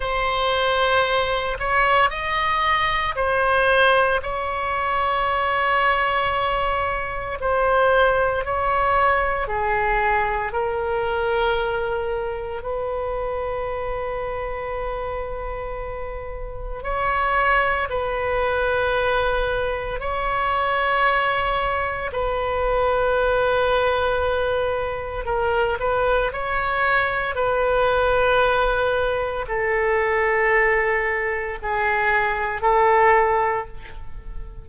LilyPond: \new Staff \with { instrumentName = "oboe" } { \time 4/4 \tempo 4 = 57 c''4. cis''8 dis''4 c''4 | cis''2. c''4 | cis''4 gis'4 ais'2 | b'1 |
cis''4 b'2 cis''4~ | cis''4 b'2. | ais'8 b'8 cis''4 b'2 | a'2 gis'4 a'4 | }